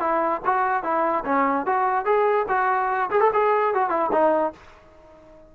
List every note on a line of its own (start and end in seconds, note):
0.00 0.41 E4
0.45 0.83 F#4
0.83 1.24 E4
1.25 1.66 C#4
1.66 2.05 F#4
2.05 2.46 G#4
2.48 3.10 F#4
3.10 3.21 G#4
3.21 3.31 A4
3.33 3.74 G#4
3.74 3.90 F#4
3.90 4.10 E4
4.12 4.53 D#4